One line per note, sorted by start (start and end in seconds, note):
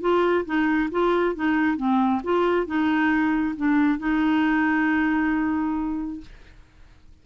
0.00 0.44 F4
0.45 0.89 D#4
0.91 1.35 F4
1.35 1.77 D#4
1.77 2.21 C4
2.23 2.66 F4
2.66 3.55 D#4
3.56 3.99 D4
3.99 6.21 D#4